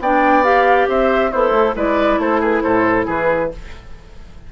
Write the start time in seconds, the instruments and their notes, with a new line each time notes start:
0.00 bassoon B3, clarinet D4, oboe D5, flute G5
0.44 clarinet G4, flute F5
0.88 bassoon C4, oboe C5, flute E5
1.31 bassoon B3, oboe E4, clarinet A4, flute C5
1.51 bassoon A3
1.76 bassoon G#3, clarinet E4, oboe B4, flute D5
2.18 bassoon A3, oboe A4, flute C5
2.41 oboe G#4, flute B4
2.62 bassoon A2, oboe A4, flute C5
3.06 bassoon E3, oboe G#4, flute B4